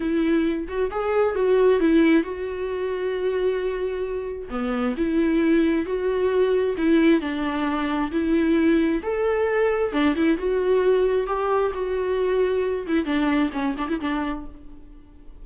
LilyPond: \new Staff \with { instrumentName = "viola" } { \time 4/4 \tempo 4 = 133 e'4. fis'8 gis'4 fis'4 | e'4 fis'2.~ | fis'2 b4 e'4~ | e'4 fis'2 e'4 |
d'2 e'2 | a'2 d'8 e'8 fis'4~ | fis'4 g'4 fis'2~ | fis'8 e'8 d'4 cis'8 d'16 e'16 d'4 | }